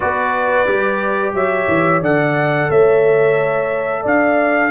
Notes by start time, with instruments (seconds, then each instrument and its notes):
0.00 tuba B3, trombone F#4, horn B4, trumpet D5
0.67 tuba G3, trombone G4
1.33 tuba F#3, horn C#5, trumpet E5
1.67 tuba E3
2.01 tuba D3, trombone A4, horn D5, trumpet F#5
2.70 tuba A3, horn C#5, trumpet E5
4.02 tuba D4, horn D5, trumpet F5